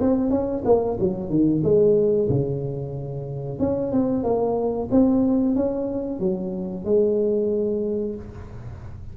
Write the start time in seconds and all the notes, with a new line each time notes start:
0.00 C4
0.30 C#4
0.64 A#3
0.99 F#3
1.29 D#3
1.63 G#3
2.29 C#3
3.59 C#4
3.92 C4
4.23 A#3
4.91 C4
5.55 C#4
6.19 F#3
6.84 G#3